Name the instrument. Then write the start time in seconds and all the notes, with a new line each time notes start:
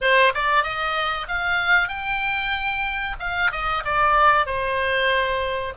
oboe
0.01 C5
0.34 D5
0.63 D#5
1.28 F5
1.88 G5
3.19 F5
3.51 D#5
3.84 D5
4.46 C5